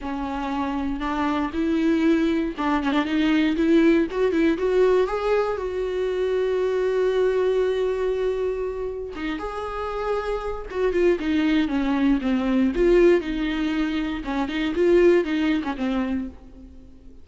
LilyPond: \new Staff \with { instrumentName = "viola" } { \time 4/4 \tempo 4 = 118 cis'2 d'4 e'4~ | e'4 d'8 cis'16 d'16 dis'4 e'4 | fis'8 e'8 fis'4 gis'4 fis'4~ | fis'1~ |
fis'2 dis'8 gis'4.~ | gis'4 fis'8 f'8 dis'4 cis'4 | c'4 f'4 dis'2 | cis'8 dis'8 f'4 dis'8. cis'16 c'4 | }